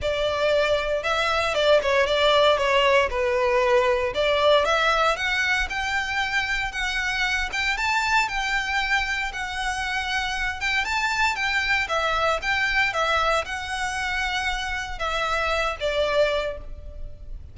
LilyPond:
\new Staff \with { instrumentName = "violin" } { \time 4/4 \tempo 4 = 116 d''2 e''4 d''8 cis''8 | d''4 cis''4 b'2 | d''4 e''4 fis''4 g''4~ | g''4 fis''4. g''8 a''4 |
g''2 fis''2~ | fis''8 g''8 a''4 g''4 e''4 | g''4 e''4 fis''2~ | fis''4 e''4. d''4. | }